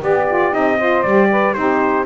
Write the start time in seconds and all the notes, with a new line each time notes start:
0.00 B3 G4 D5
0.27 F4
0.52 C4 D#4 D#5
0.78 F4 C5
1.02 G3 G4 D5
1.31 B4
1.53 C4 D#4 G4 C5